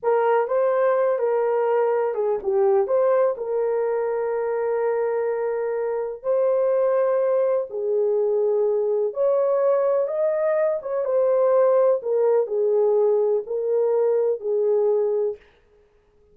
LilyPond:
\new Staff \with { instrumentName = "horn" } { \time 4/4 \tempo 4 = 125 ais'4 c''4. ais'4.~ | ais'8 gis'8 g'4 c''4 ais'4~ | ais'1~ | ais'4 c''2. |
gis'2. cis''4~ | cis''4 dis''4. cis''8 c''4~ | c''4 ais'4 gis'2 | ais'2 gis'2 | }